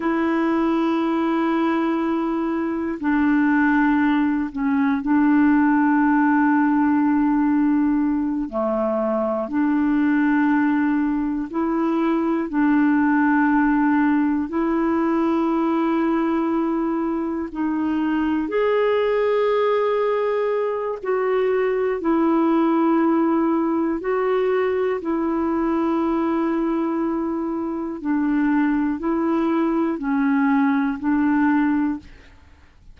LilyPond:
\new Staff \with { instrumentName = "clarinet" } { \time 4/4 \tempo 4 = 60 e'2. d'4~ | d'8 cis'8 d'2.~ | d'8 a4 d'2 e'8~ | e'8 d'2 e'4.~ |
e'4. dis'4 gis'4.~ | gis'4 fis'4 e'2 | fis'4 e'2. | d'4 e'4 cis'4 d'4 | }